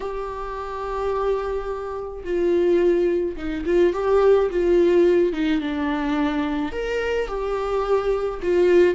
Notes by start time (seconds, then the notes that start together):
0.00 G4
2.24 F4
3.36 D#4
3.65 F4
3.93 G4
4.50 F4
5.32 D#4
5.60 D4
6.72 A#4
7.27 G4
8.42 F4